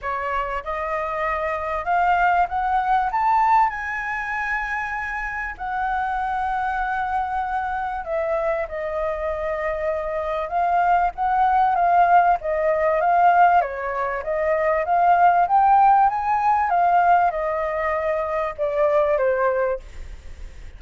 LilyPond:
\new Staff \with { instrumentName = "flute" } { \time 4/4 \tempo 4 = 97 cis''4 dis''2 f''4 | fis''4 a''4 gis''2~ | gis''4 fis''2.~ | fis''4 e''4 dis''2~ |
dis''4 f''4 fis''4 f''4 | dis''4 f''4 cis''4 dis''4 | f''4 g''4 gis''4 f''4 | dis''2 d''4 c''4 | }